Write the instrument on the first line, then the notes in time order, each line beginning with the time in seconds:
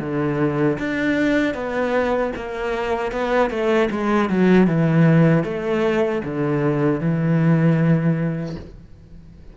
cello
0.00 D3
0.79 D4
1.54 B3
2.36 A#3
3.12 B3
3.50 A3
3.91 G#3
4.30 F#3
4.67 E3
5.44 A3
6.24 D3
7.00 E3